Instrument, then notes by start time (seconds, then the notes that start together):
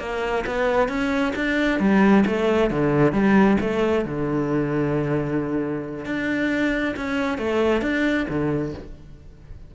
cello
0.00 A#3
0.47 B3
0.89 C#4
1.36 D4
1.80 G3
2.26 A3
2.71 D3
3.13 G3
3.61 A3
4.06 D3
6.06 D4
6.97 C#4
7.39 A3
7.82 D4
8.29 D3